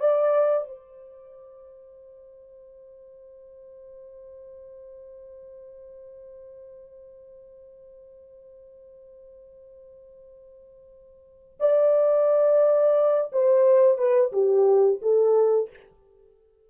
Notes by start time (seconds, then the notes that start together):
0.00 D5
0.68 C5
11.61 D5
13.33 C5
13.98 B4
14.32 G4
15.02 A4